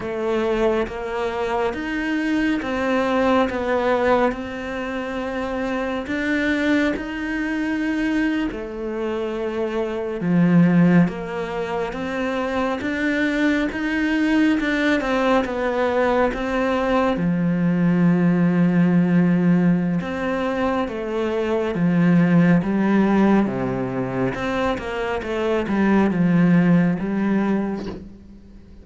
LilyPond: \new Staff \with { instrumentName = "cello" } { \time 4/4 \tempo 4 = 69 a4 ais4 dis'4 c'4 | b4 c'2 d'4 | dis'4.~ dis'16 a2 f16~ | f8. ais4 c'4 d'4 dis'16~ |
dis'8. d'8 c'8 b4 c'4 f16~ | f2. c'4 | a4 f4 g4 c4 | c'8 ais8 a8 g8 f4 g4 | }